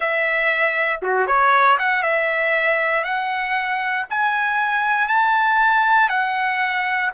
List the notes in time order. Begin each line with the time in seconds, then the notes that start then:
0.00 E5
1.02 F#4
1.26 C#5
1.78 F#5
2.02 E5
3.04 F#5
4.10 G#5
5.08 A5
6.09 F#5